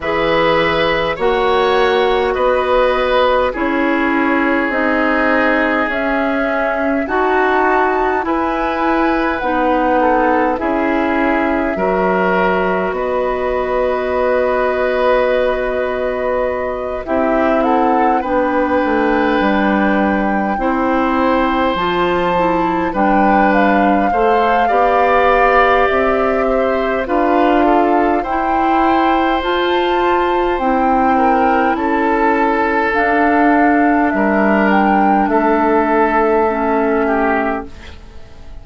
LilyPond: <<
  \new Staff \with { instrumentName = "flute" } { \time 4/4 \tempo 4 = 51 e''4 fis''4 dis''4 cis''4 | dis''4 e''4 a''4 gis''4 | fis''4 e''2 dis''4~ | dis''2~ dis''8 e''8 fis''8 g''8~ |
g''2~ g''8 a''4 g''8 | f''2 e''4 f''4 | g''4 a''4 g''4 a''4 | f''4 e''8 g''8 e''2 | }
  \new Staff \with { instrumentName = "oboe" } { \time 4/4 b'4 cis''4 b'4 gis'4~ | gis'2 fis'4 b'4~ | b'8 a'8 gis'4 ais'4 b'4~ | b'2~ b'8 g'8 a'8 b'8~ |
b'4. c''2 b'8~ | b'8 c''8 d''4. c''8 b'8 a'8 | c''2~ c''8 ais'8 a'4~ | a'4 ais'4 a'4. g'8 | }
  \new Staff \with { instrumentName = "clarinet" } { \time 4/4 gis'4 fis'2 e'4 | dis'4 cis'4 fis'4 e'4 | dis'4 e'4 fis'2~ | fis'2~ fis'8 e'4 d'8~ |
d'4. e'4 f'8 e'8 d'8~ | d'8 a'8 g'2 f'4 | e'4 f'4 e'2 | d'2. cis'4 | }
  \new Staff \with { instrumentName = "bassoon" } { \time 4/4 e4 ais4 b4 cis'4 | c'4 cis'4 dis'4 e'4 | b4 cis'4 fis4 b4~ | b2~ b8 c'4 b8 |
a8 g4 c'4 f4 g8~ | g8 a8 b4 c'4 d'4 | e'4 f'4 c'4 cis'4 | d'4 g4 a2 | }
>>